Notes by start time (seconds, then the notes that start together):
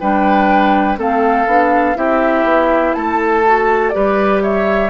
0.00 G3 D4 B4 G5
0.97 A3 C4 A4 F5
1.47 B3 D4
1.95 C4 E4 G4 E5
2.44 B3
2.94 A3 A4 A5
3.45 F#4
3.89 G3 G4 B4 D5
4.43 C#5 E5